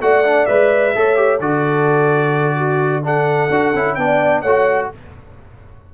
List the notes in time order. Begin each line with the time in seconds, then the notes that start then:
0.00 A3 F#4 D5 F#5
0.24 D4
0.45 G#3 B4 E5
0.95 A3 A4 C#5
1.16 G4
1.39 D3 F#4 A4 D5
2.56 F#4
3.03 D4 A4 F#5
3.49 D4 F#4
3.74 C#4 E4
3.94 B3 D4 D5 G5
4.41 A3 F#4 C#5 F#5